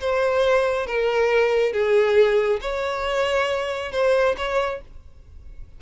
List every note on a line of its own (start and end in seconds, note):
0.00 0.86 C5
0.86 1.72 A#4
1.72 2.60 G#4
2.61 3.91 C#5
3.91 4.35 C5
4.37 4.81 C#5